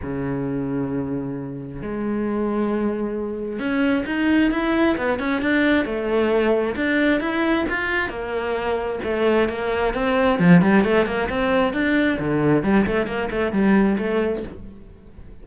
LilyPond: \new Staff \with { instrumentName = "cello" } { \time 4/4 \tempo 4 = 133 cis1 | gis1 | cis'4 dis'4 e'4 b8 cis'8 | d'4 a2 d'4 |
e'4 f'4 ais2 | a4 ais4 c'4 f8 g8 | a8 ais8 c'4 d'4 d4 | g8 a8 ais8 a8 g4 a4 | }